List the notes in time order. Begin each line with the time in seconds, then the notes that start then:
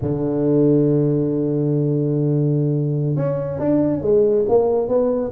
0.01 D3
3.15 C#4
3.59 D4
4.01 G#3
4.48 A#3
4.88 B3